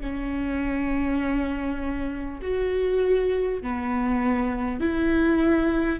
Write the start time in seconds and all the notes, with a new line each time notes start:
0.00 C#4
2.42 F#4
3.61 B3
4.80 E4